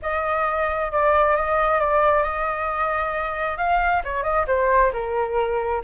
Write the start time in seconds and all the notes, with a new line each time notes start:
0.02 D#5
0.91 D5
1.36 D#5
1.80 D5
2.23 D#5
3.57 F5
4.04 C#5
4.23 D#5
4.47 C5
4.93 A#4